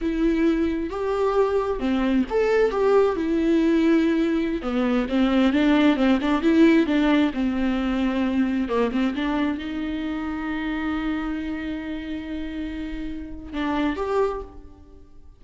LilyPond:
\new Staff \with { instrumentName = "viola" } { \time 4/4 \tempo 4 = 133 e'2 g'2 | c'4 a'4 g'4 e'4~ | e'2~ e'16 b4 c'8.~ | c'16 d'4 c'8 d'8 e'4 d'8.~ |
d'16 c'2. ais8 c'16~ | c'16 d'4 dis'2~ dis'8.~ | dis'1~ | dis'2 d'4 g'4 | }